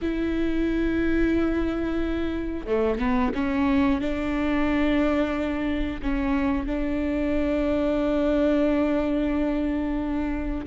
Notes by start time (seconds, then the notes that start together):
0.01 E4
2.66 A3
2.98 B3
3.34 C#4
4.01 D4
6.02 C#4
6.66 D4